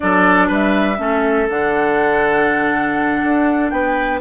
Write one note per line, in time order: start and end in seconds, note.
0.00 0.50 F#3
0.00 0.96 D4
0.00 0.47 A4
0.00 0.50 D5
0.47 0.98 G3
0.47 0.97 B4
0.47 1.49 E5
0.97 1.48 A3
0.97 1.46 C#4
0.97 3.72 A4
1.49 3.23 D3
1.49 4.20 D4
1.49 3.69 F#5
3.23 3.71 D4
3.69 4.20 B3
3.69 4.20 B4
3.69 4.19 G5